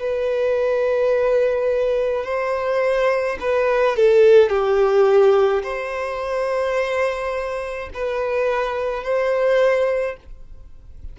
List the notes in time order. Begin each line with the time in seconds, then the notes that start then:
0.00 B4
2.25 C5
3.41 B4
3.96 A4
4.50 G4
5.63 C5
7.94 B4
9.04 C5